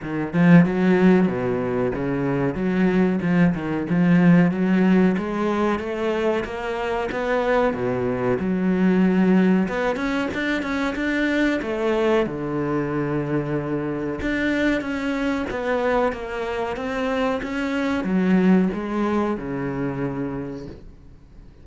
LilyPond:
\new Staff \with { instrumentName = "cello" } { \time 4/4 \tempo 4 = 93 dis8 f8 fis4 b,4 cis4 | fis4 f8 dis8 f4 fis4 | gis4 a4 ais4 b4 | b,4 fis2 b8 cis'8 |
d'8 cis'8 d'4 a4 d4~ | d2 d'4 cis'4 | b4 ais4 c'4 cis'4 | fis4 gis4 cis2 | }